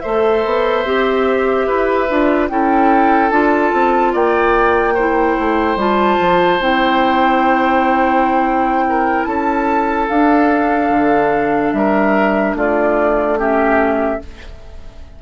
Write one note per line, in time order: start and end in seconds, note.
0.00 0.46 A3
0.00 0.86 A4
0.00 1.67 C5
0.00 2.47 E5
0.46 0.85 B3
0.85 1.67 C4
0.85 2.09 G4
1.67 2.10 E4
1.67 2.49 B4
2.09 2.51 D4
2.09 2.49 F4
2.49 3.31 C#4
2.49 3.31 E4
2.49 4.13 A4
2.49 3.30 G5
3.30 3.72 D4
3.30 4.95 F4
3.30 4.13 A5
3.73 4.14 C4
4.13 5.38 A#3
4.13 4.95 D5
4.13 5.79 G5
4.95 5.78 E4
4.95 8.85 C5
5.39 5.76 A3
5.76 6.17 G3
5.76 6.60 F4
5.76 6.62 A5
6.20 6.60 F3
6.60 9.26 C4
6.60 10.10 E4
6.60 9.24 G5
8.89 9.28 A#4
9.24 10.09 C#4
9.24 11.75 A4
9.24 10.07 A5
10.09 10.90 D4
10.09 13.38 D4
10.09 11.73 F5
10.90 11.72 D3
11.73 12.54 G3
11.73 12.58 A#4
11.73 12.55 E5
12.54 14.19 A3
12.54 13.39 F4
12.54 13.40 D5
13.38 14.20 C#4
13.38 14.21 G4
13.38 14.22 E5